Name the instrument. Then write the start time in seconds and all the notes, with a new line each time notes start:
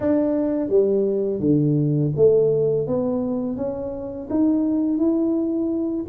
tuba
0.00 D4
0.69 G3
1.40 D3
2.16 A3
2.87 B3
3.56 C#4
4.30 D#4
4.98 E4